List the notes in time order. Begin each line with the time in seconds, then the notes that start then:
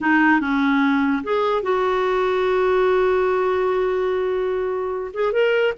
0.01 D#4
0.40 C#4
1.23 G#4
1.62 F#4
5.13 G#4
5.32 A#4